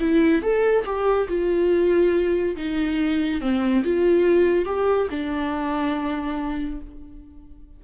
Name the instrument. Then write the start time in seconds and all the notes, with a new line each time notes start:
viola
0.00 E4
0.42 A4
0.85 G4
1.28 F4
2.56 D#4
3.41 C4
3.84 F4
4.65 G4
5.10 D4